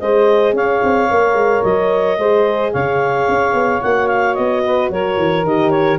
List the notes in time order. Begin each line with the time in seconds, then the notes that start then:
0.00 G#3 G#4 C5 D#5
0.53 C#4 C#5 F5
0.83 C4
1.11 A#3 A#4
1.34 G#3
1.64 F#3 D#5
2.18 G#3 G#4 C5
2.72 C#3 C#5 F5
3.28 C#4
3.54 B3
3.82 A#3 F#4 F#5
4.08 F5
4.35 B3 D#5
4.66 B4
4.90 F#3 A#4 C#5
5.17 E3
5.44 D#3 G4 D#5
5.71 C#5